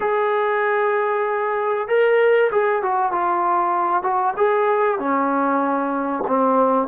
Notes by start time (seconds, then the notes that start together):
0.00 G#4
1.88 A#4
2.51 G#4
2.82 F#4
3.12 F4
4.02 F#4
4.37 G#4
4.98 C#4
6.27 C4